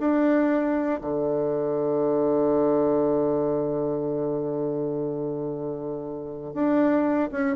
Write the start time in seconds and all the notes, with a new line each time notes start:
0.00 D4
1.02 D3
6.54 D4
7.32 C#4